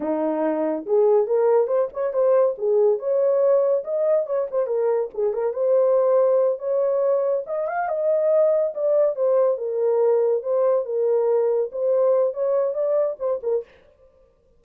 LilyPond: \new Staff \with { instrumentName = "horn" } { \time 4/4 \tempo 4 = 141 dis'2 gis'4 ais'4 | c''8 cis''8 c''4 gis'4 cis''4~ | cis''4 dis''4 cis''8 c''8 ais'4 | gis'8 ais'8 c''2~ c''8 cis''8~ |
cis''4. dis''8 f''8 dis''4.~ | dis''8 d''4 c''4 ais'4.~ | ais'8 c''4 ais'2 c''8~ | c''4 cis''4 d''4 c''8 ais'8 | }